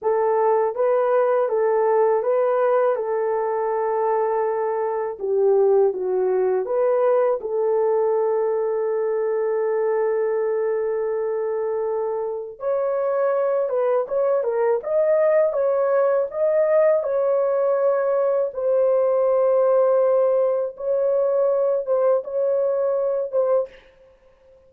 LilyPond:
\new Staff \with { instrumentName = "horn" } { \time 4/4 \tempo 4 = 81 a'4 b'4 a'4 b'4 | a'2. g'4 | fis'4 b'4 a'2~ | a'1~ |
a'4 cis''4. b'8 cis''8 ais'8 | dis''4 cis''4 dis''4 cis''4~ | cis''4 c''2. | cis''4. c''8 cis''4. c''8 | }